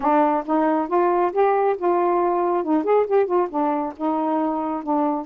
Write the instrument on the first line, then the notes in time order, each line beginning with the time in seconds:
saxophone
0.00 D4
0.45 D#4
0.88 F4
1.32 G4
1.77 F4
2.63 D#4
2.84 G#4
3.06 G4
3.25 F4
3.49 D4
3.96 D#4
4.83 D4